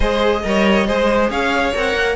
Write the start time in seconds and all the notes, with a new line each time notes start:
0.00 G#3 G#4 C5 D#5
0.43 G3 A#4 C#5
0.87 G#3 G#4 C5
1.29 C#4 C#5 F5
1.74 C4 A#4 F#5
1.94 A#3